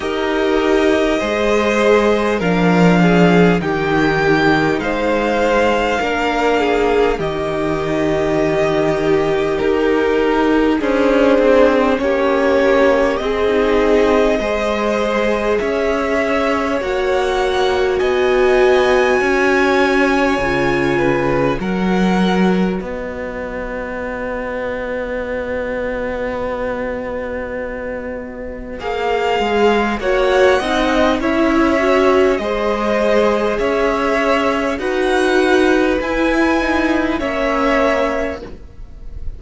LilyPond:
<<
  \new Staff \with { instrumentName = "violin" } { \time 4/4 \tempo 4 = 50 dis''2 f''4 g''4 | f''2 dis''2 | ais'4 c''4 cis''4 dis''4~ | dis''4 e''4 fis''4 gis''4~ |
gis''2 fis''4 dis''4~ | dis''1 | f''4 fis''4 e''4 dis''4 | e''4 fis''4 gis''4 e''4 | }
  \new Staff \with { instrumentName = "violin" } { \time 4/4 ais'4 c''4 ais'8 gis'8 g'4 | c''4 ais'8 gis'8 g'2~ | g'4 gis'4 g'4 gis'4 | c''4 cis''2 dis''4 |
cis''4. b'8 ais'4 b'4~ | b'1~ | b'4 cis''8 dis''8 cis''4 c''4 | cis''4 b'2 cis''4 | }
  \new Staff \with { instrumentName = "viola" } { \time 4/4 g'4 gis'4 d'4 dis'4~ | dis'4 d'4 dis'2~ | dis'4 d'4 cis'4 c'16 dis'8. | gis'2 fis'2~ |
fis'4 f'4 fis'2~ | fis'1 | gis'4 fis'8 dis'8 e'8 fis'8 gis'4~ | gis'4 fis'4 e'8 dis'8 cis'4 | }
  \new Staff \with { instrumentName = "cello" } { \time 4/4 dis'4 gis4 f4 dis4 | gis4 ais4 dis2 | dis'4 cis'8 c'8 ais4 c'4 | gis4 cis'4 ais4 b4 |
cis'4 cis4 fis4 b4~ | b1 | ais8 gis8 ais8 c'8 cis'4 gis4 | cis'4 dis'4 e'4 ais4 | }
>>